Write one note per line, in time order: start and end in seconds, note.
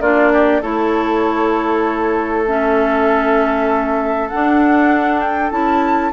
0.00 0.61 A#3
0.00 0.62 D4
0.00 0.32 F4
0.00 0.62 D5
0.33 0.61 G4
0.61 4.30 A3
0.61 2.46 E4
0.61 6.12 A4
0.61 2.45 C#5
2.45 4.30 C#4
2.45 4.29 E5
4.29 5.51 D4
4.29 5.20 F#5
5.20 5.50 G5
5.51 6.13 C#4
5.51 6.12 E4
5.51 6.13 A5